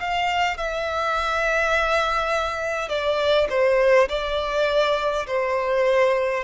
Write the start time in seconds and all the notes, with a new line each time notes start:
0.00 F5
0.57 E5
2.89 D5
3.50 C5
4.09 D5
5.27 C5